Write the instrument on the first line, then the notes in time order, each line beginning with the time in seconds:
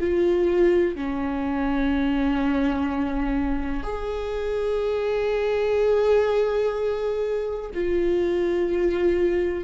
viola
0.00 F4
0.96 C#4
3.84 G#4
7.75 F4